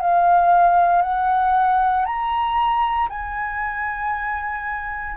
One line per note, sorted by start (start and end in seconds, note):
0.00 1.02 F5
1.02 2.05 F#5
2.05 3.08 A#5
3.09 5.16 G#5